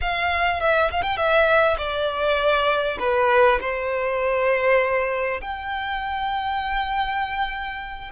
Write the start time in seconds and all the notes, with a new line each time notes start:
0.01 F5
0.60 E5
0.91 F5
1.02 G5
1.16 E5
1.77 D5
2.99 B4
3.60 C5
5.41 G5